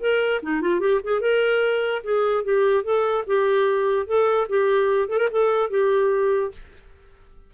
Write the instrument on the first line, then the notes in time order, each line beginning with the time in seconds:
clarinet
0.00 A#4
0.42 D#4
0.61 F4
0.80 G4
1.04 G#4
1.21 A#4
2.04 G#4
2.44 G4
2.83 A4
3.27 G4
4.06 A4
4.49 G4
5.09 A4
5.18 A#4
5.31 A4
5.70 G4